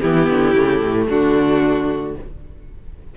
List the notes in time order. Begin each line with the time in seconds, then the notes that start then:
0.00 E3 B3 E4 G4
0.30 D3
0.55 C#3 A3
0.81 A2
1.07 D3 D4 F#4